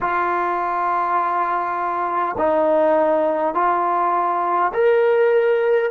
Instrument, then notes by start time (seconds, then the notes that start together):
trombone
0.00 F4
2.38 D#4
3.54 F4
4.73 A#4